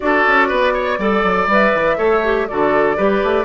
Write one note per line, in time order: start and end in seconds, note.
0.00 0.26 D4
0.00 0.98 F#4
0.00 0.48 A4
0.00 1.47 D5
0.26 0.51 C#4
0.48 0.98 B3
0.48 0.72 B4
0.73 0.98 C#5
0.98 1.23 G3
0.98 1.48 A4
0.98 1.97 D5
1.23 1.47 F#3
1.47 1.72 G3
1.47 1.96 B4
1.47 2.48 E5
1.74 1.98 E3
1.96 2.47 A3
1.96 2.21 A4
1.96 2.47 C#5
2.23 2.48 G4
2.48 2.97 D3
2.48 2.96 F#4
2.48 2.96 A4
2.48 3.45 D5
2.96 3.22 G3
2.96 3.45 G4
2.96 3.45 B4
3.23 3.45 A3